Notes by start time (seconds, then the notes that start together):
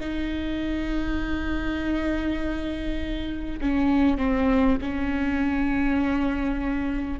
0.00 D#4
3.61 C#4
4.18 C4
4.81 C#4